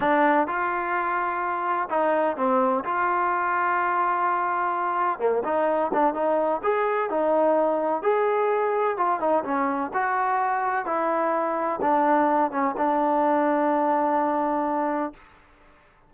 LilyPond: \new Staff \with { instrumentName = "trombone" } { \time 4/4 \tempo 4 = 127 d'4 f'2. | dis'4 c'4 f'2~ | f'2. ais8 dis'8~ | dis'8 d'8 dis'4 gis'4 dis'4~ |
dis'4 gis'2 f'8 dis'8 | cis'4 fis'2 e'4~ | e'4 d'4. cis'8 d'4~ | d'1 | }